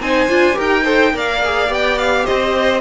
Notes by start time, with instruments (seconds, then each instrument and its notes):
0.00 cello C4, viola D#4, violin C5 G#5
0.29 cello D4, viola F4
0.53 cello D#4, viola G4, violin A#4
0.61 violin G5
0.84 viola A4, violin C5
1.13 cello A#3, viola A#4, violin D5 F5
1.44 viola G#4
1.68 cello B3, viola G4, violin G5
1.98 violin F5
2.25 cello C4, violin C5 D#5